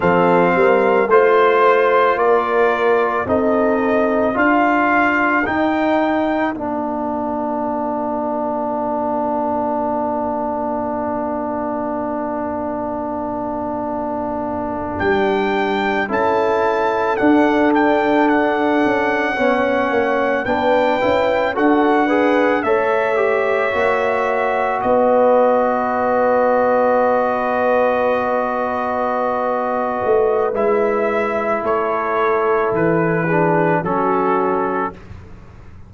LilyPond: <<
  \new Staff \with { instrumentName = "trumpet" } { \time 4/4 \tempo 4 = 55 f''4 c''4 d''4 dis''4 | f''4 g''4 f''2~ | f''1~ | f''4.~ f''16 g''4 a''4 fis''16~ |
fis''16 g''8 fis''2 g''4 fis''16~ | fis''8. e''2 dis''4~ dis''16~ | dis''1 | e''4 cis''4 b'4 a'4 | }
  \new Staff \with { instrumentName = "horn" } { \time 4/4 a'8 ais'8 c''4 ais'4 a'4 | ais'1~ | ais'1~ | ais'2~ ais'8. a'4~ a'16~ |
a'4.~ a'16 cis''4 b'4 a'16~ | a'16 b'8 cis''2 b'4~ b'16~ | b'1~ | b'4 a'4. gis'8 fis'4 | }
  \new Staff \with { instrumentName = "trombone" } { \time 4/4 c'4 f'2 dis'4 | f'4 dis'4 d'2~ | d'1~ | d'2~ d'8. e'4 d'16~ |
d'4.~ d'16 cis'4 d'8 e'8 fis'16~ | fis'16 gis'8 a'8 g'8 fis'2~ fis'16~ | fis'1 | e'2~ e'8 d'8 cis'4 | }
  \new Staff \with { instrumentName = "tuba" } { \time 4/4 f8 g8 a4 ais4 c'4 | d'4 dis'4 ais2~ | ais1~ | ais4.~ ais16 g4 cis'4 d'16~ |
d'4~ d'16 cis'8 b8 ais8 b8 cis'8 d'16~ | d'8. a4 ais4 b4~ b16~ | b2.~ b8 a8 | gis4 a4 e4 fis4 | }
>>